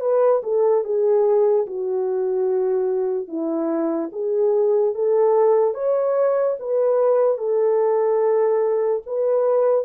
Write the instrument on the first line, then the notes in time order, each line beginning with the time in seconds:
horn
0.00 B4
0.43 A4
0.84 G#4
1.66 F#4
3.28 E4
4.12 G#4
4.94 A4
5.74 C#5
6.59 B4
7.37 A4
9.06 B4